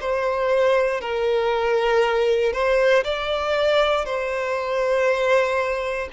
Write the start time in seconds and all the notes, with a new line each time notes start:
0.00 C5
1.00 A#4
2.52 C5
3.04 D5
4.05 C5